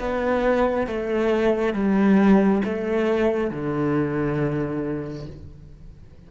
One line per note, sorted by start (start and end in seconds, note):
0.00 0.87 B3
0.87 1.74 A3
1.74 2.62 G3
2.65 3.51 A3
3.51 5.27 D3